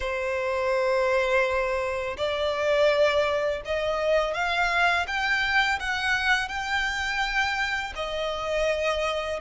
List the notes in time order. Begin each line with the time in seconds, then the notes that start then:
0.00 C5
2.17 D5
3.65 D#5
4.33 F5
5.07 G5
5.79 F#5
6.48 G5
7.95 D#5